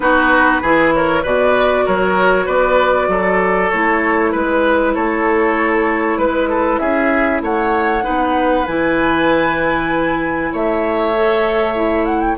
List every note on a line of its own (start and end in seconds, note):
0.00 0.61 B3
0.00 0.61 D#4
0.00 0.62 F#4
0.00 0.92 B4
0.62 1.24 E3
0.62 1.23 E4
0.62 0.93 G#4
0.93 1.23 A#4
0.93 1.24 C#5
1.23 1.86 B2
1.23 3.70 F#4
1.23 1.84 B4
1.23 1.87 D5
1.85 2.47 F#3
1.85 2.45 A#4
1.85 2.48 C#5
2.45 3.08 B3
2.45 3.07 B4
2.45 3.70 D5
3.08 3.70 F#3
3.08 4.31 A4
3.70 4.34 A3
3.70 8.03 E4
3.70 4.32 C#5
4.31 4.95 G#3
4.31 4.93 B4
4.31 4.94 B4
4.94 6.17 A3
4.94 6.18 A4
4.94 6.17 C#5
6.17 6.79 G#3
6.17 6.78 B4
6.17 6.49 B4
6.49 6.80 A4
6.78 7.41 C#4
6.78 7.41 G#4
6.78 7.40 E5
7.41 8.03 A3
7.41 8.04 C#5
7.41 8.66 F#5
8.03 8.67 B3
8.03 8.64 D#4
8.03 10.51 B4
8.66 10.52 E3
8.66 11.14 E4
8.66 10.52 G#5
10.52 12.37 A3
10.52 12.37 C#5
10.52 12.05 E5
11.15 11.74 A4
11.74 12.36 E4
12.05 12.20 F#5
12.20 12.36 G5